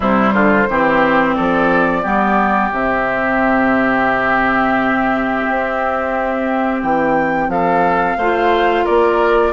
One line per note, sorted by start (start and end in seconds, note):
0.00 0.33 C3
0.00 0.67 G3
0.00 0.33 E4
0.00 1.34 C5
0.33 0.67 D3
0.33 0.67 F4
0.69 1.37 E3
0.69 2.03 C4
0.69 1.36 G4
1.34 2.04 F3
1.34 2.02 A4
1.34 2.71 D5
2.02 2.71 G3
2.02 2.71 B3
2.02 7.47 G4
2.71 5.44 C3
2.71 8.19 C4
2.71 6.82 E5
5.49 6.82 C4
6.82 7.47 E3
6.82 7.49 G5
7.47 8.15 F3
7.47 8.17 A4
7.47 8.85 F5
8.17 8.85 A3
8.17 9.52 F4
8.17 8.84 C5
8.84 9.52 A#3
8.84 9.52 A#4
8.84 9.52 D5